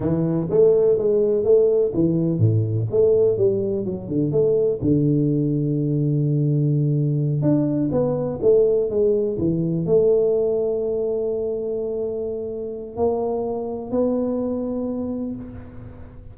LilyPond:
\new Staff \with { instrumentName = "tuba" } { \time 4/4 \tempo 4 = 125 e4 a4 gis4 a4 | e4 a,4 a4 g4 | fis8 d8 a4 d2~ | d2.~ d8 d'8~ |
d'8 b4 a4 gis4 e8~ | e8 a2.~ a8~ | a2. ais4~ | ais4 b2. | }